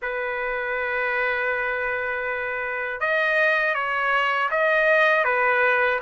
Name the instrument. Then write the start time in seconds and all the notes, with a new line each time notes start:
trumpet
0.02 B4
3.00 D#5
3.74 C#5
4.50 D#5
5.24 B4